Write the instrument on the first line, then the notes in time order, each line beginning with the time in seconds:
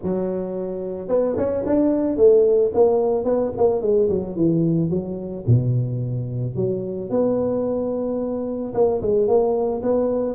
tuba
0.02 F#3
1.08 B3
1.37 C#4
1.65 D4
2.16 A3
2.73 A#3
3.24 B3
3.57 A#3
3.81 G#3
4.09 F#3
4.35 E3
4.90 F#3
5.47 B2
6.55 F#3
7.10 B3
8.73 A#3
9.01 G#3
9.27 A#3
9.82 B3